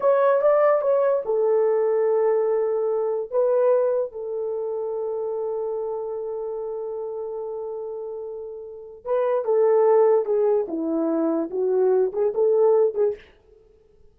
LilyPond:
\new Staff \with { instrumentName = "horn" } { \time 4/4 \tempo 4 = 146 cis''4 d''4 cis''4 a'4~ | a'1 | b'2 a'2~ | a'1~ |
a'1~ | a'2 b'4 a'4~ | a'4 gis'4 e'2 | fis'4. gis'8 a'4. gis'8 | }